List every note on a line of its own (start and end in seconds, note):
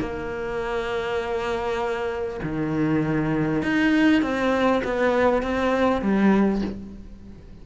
0.00 2.40 A#3
2.43 3.62 D#3
3.62 4.22 D#4
4.22 4.82 C4
4.84 5.42 B3
5.42 6.01 C4
6.01 6.61 G3